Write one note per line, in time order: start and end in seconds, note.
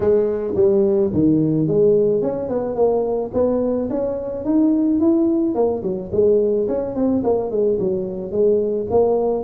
0.00 0.54 G#3
0.55 1.11 G3
1.13 1.67 D#3
1.67 2.22 G#3
2.22 2.48 C#4
2.48 2.75 B3
2.75 3.31 A#3
3.33 3.89 B3
3.90 4.44 C#4
4.44 5.00 D#4
5.00 5.54 E4
5.54 5.82 A#3
5.82 6.10 F#3
6.12 6.67 G#3
6.68 6.95 C#4
6.95 7.22 C4
7.23 7.50 A#3
7.50 7.78 G#3
7.79 8.31 F#3
8.31 8.87 G#3
8.90 9.43 A#3